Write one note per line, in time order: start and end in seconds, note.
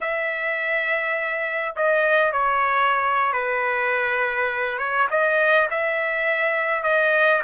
0.00 1.75 E5
1.76 2.32 D#5
2.32 3.33 C#5
3.33 4.78 B4
4.78 5.07 C#5
5.10 5.68 D#5
5.70 6.83 E5
6.83 7.41 D#5